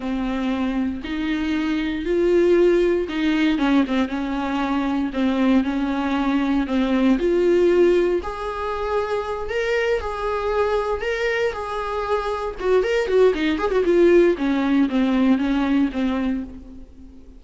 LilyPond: \new Staff \with { instrumentName = "viola" } { \time 4/4 \tempo 4 = 117 c'2 dis'2 | f'2 dis'4 cis'8 c'8 | cis'2 c'4 cis'4~ | cis'4 c'4 f'2 |
gis'2~ gis'8 ais'4 gis'8~ | gis'4. ais'4 gis'4.~ | gis'8 fis'8 ais'8 fis'8 dis'8 gis'16 fis'16 f'4 | cis'4 c'4 cis'4 c'4 | }